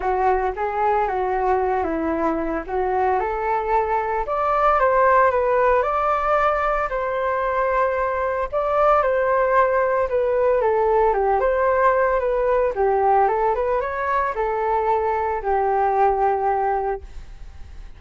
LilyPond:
\new Staff \with { instrumentName = "flute" } { \time 4/4 \tempo 4 = 113 fis'4 gis'4 fis'4. e'8~ | e'4 fis'4 a'2 | d''4 c''4 b'4 d''4~ | d''4 c''2. |
d''4 c''2 b'4 | a'4 g'8 c''4. b'4 | g'4 a'8 b'8 cis''4 a'4~ | a'4 g'2. | }